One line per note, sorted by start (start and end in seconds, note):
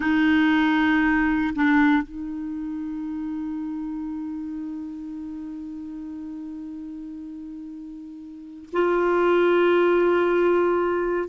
0.00 1.54 D#4
1.55 2.03 D4
2.03 8.69 D#4
8.72 11.28 F4